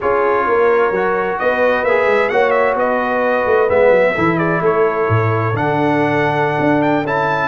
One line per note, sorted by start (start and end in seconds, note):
0.00 0.46 C#4
0.00 0.93 F4
0.00 0.46 G#4
0.00 1.39 C#5
0.46 0.90 A#3
0.46 1.40 A#4
0.90 1.37 F#3
0.90 1.87 F#4
1.39 1.83 B3
1.39 2.31 B4
1.39 1.84 D#5
1.83 2.05 A#3
1.83 2.31 G#4
1.83 2.29 E5
2.05 2.28 G#3
2.29 2.75 A#3
2.29 3.68 F#4
2.29 2.75 C#5
2.29 2.50 F#5
2.50 2.73 E5
2.75 3.44 B3
2.75 4.14 B4
2.75 3.69 D#5
3.46 3.69 A3
3.68 3.90 G#3
3.68 4.14 B3
3.68 4.38 E5
3.90 4.13 F#3
4.14 4.60 E3
4.14 5.54 E4
4.14 4.37 A4
4.37 4.60 G#4
4.37 4.61 D5
4.60 5.07 A3
4.60 7.48 A4
4.60 5.56 C#5
5.08 5.53 A2
5.53 6.57 D3
5.53 7.04 D4
5.53 6.82 F#5
6.59 7.03 D4
6.82 7.05 G5
7.03 7.48 C#4
7.03 7.48 E4
7.03 7.48 A5